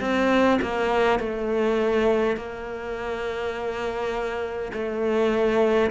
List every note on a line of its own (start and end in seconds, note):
0.00 0.59 C4
0.61 1.19 A#3
1.19 2.36 A3
2.36 4.72 A#3
4.73 5.90 A3